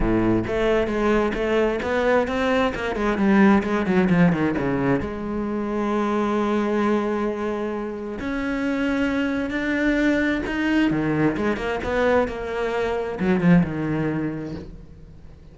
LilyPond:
\new Staff \with { instrumentName = "cello" } { \time 4/4 \tempo 4 = 132 a,4 a4 gis4 a4 | b4 c'4 ais8 gis8 g4 | gis8 fis8 f8 dis8 cis4 gis4~ | gis1~ |
gis2 cis'2~ | cis'4 d'2 dis'4 | dis4 gis8 ais8 b4 ais4~ | ais4 fis8 f8 dis2 | }